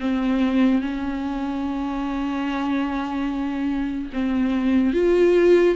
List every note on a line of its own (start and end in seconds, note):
0.00 0.81 C4
0.81 4.10 C#4
4.13 4.94 C4
4.94 5.76 F4